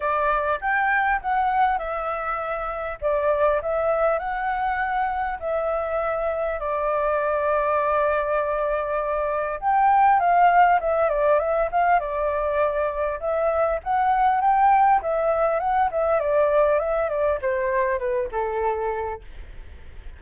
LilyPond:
\new Staff \with { instrumentName = "flute" } { \time 4/4 \tempo 4 = 100 d''4 g''4 fis''4 e''4~ | e''4 d''4 e''4 fis''4~ | fis''4 e''2 d''4~ | d''1 |
g''4 f''4 e''8 d''8 e''8 f''8 | d''2 e''4 fis''4 | g''4 e''4 fis''8 e''8 d''4 | e''8 d''8 c''4 b'8 a'4. | }